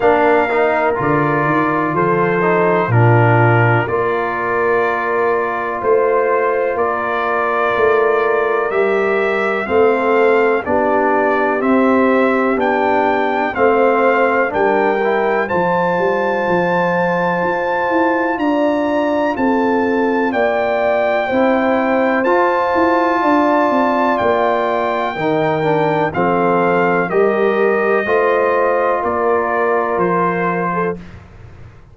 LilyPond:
<<
  \new Staff \with { instrumentName = "trumpet" } { \time 4/4 \tempo 4 = 62 f''4 d''4 c''4 ais'4 | d''2 c''4 d''4~ | d''4 e''4 f''4 d''4 | e''4 g''4 f''4 g''4 |
a''2. ais''4 | a''4 g''2 a''4~ | a''4 g''2 f''4 | dis''2 d''4 c''4 | }
  \new Staff \with { instrumentName = "horn" } { \time 4/4 ais'2 a'4 f'4 | ais'2 c''4 ais'4~ | ais'2 a'4 g'4~ | g'2 c''4 ais'4 |
c''2. d''4 | a'4 d''4 c''2 | d''2 ais'4 a'4 | ais'4 c''4 ais'4.~ ais'16 a'16 | }
  \new Staff \with { instrumentName = "trombone" } { \time 4/4 d'8 dis'8 f'4. dis'8 d'4 | f'1~ | f'4 g'4 c'4 d'4 | c'4 d'4 c'4 d'8 e'8 |
f'1~ | f'2 e'4 f'4~ | f'2 dis'8 d'8 c'4 | g'4 f'2. | }
  \new Staff \with { instrumentName = "tuba" } { \time 4/4 ais4 d8 dis8 f4 ais,4 | ais2 a4 ais4 | a4 g4 a4 b4 | c'4 b4 a4 g4 |
f8 g8 f4 f'8 e'8 d'4 | c'4 ais4 c'4 f'8 e'8 | d'8 c'8 ais4 dis4 f4 | g4 a4 ais4 f4 | }
>>